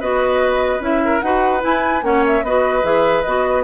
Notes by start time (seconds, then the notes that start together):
0.00 B3 F#4 B4 D#5
0.79 C#4 E4 E5
1.05 A#4
1.20 D#4 F#4 B4 F#5
1.60 E4 G#5
2.02 A#3 C#4 C#5 F#5
2.27 E5
2.42 B3 F#4 B4 D#5
2.83 E3 G#4 E5
3.23 B3 F#4 D#5